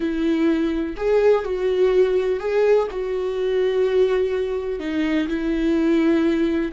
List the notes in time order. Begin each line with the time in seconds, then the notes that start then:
0.00 E4
0.96 G#4
1.44 F#4
2.39 G#4
2.91 F#4
4.79 D#4
5.28 E4